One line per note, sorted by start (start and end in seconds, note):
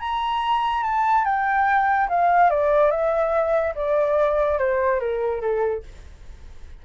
0.00 0.83 A#5
0.83 1.25 A5
1.25 2.08 G5
2.09 2.50 F5
2.50 2.91 D5
2.91 3.74 E5
3.76 4.59 D5
4.59 5.00 C5
5.00 5.41 A#4
5.41 5.83 A4